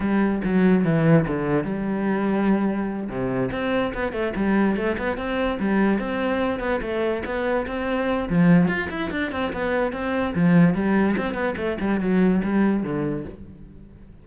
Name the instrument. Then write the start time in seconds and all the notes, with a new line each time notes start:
cello
0.00 G3
0.43 F#3
0.84 E3
1.27 D3
1.64 G3
3.09 C3
3.51 C4
3.94 B3
4.12 A3
4.36 G3
4.76 A3
4.98 B3
5.17 C4
5.59 G3
5.99 C4
6.59 B3
6.81 A3
7.25 B3
7.66 C4
8.29 F3
8.67 F4
8.89 E4
9.10 D4
9.31 C4
9.52 B3
9.92 C4
10.34 F3
10.74 G3
11.17 C4
11.34 B3
11.57 A3
11.80 G3
12.00 F#3
12.43 G3
12.83 D3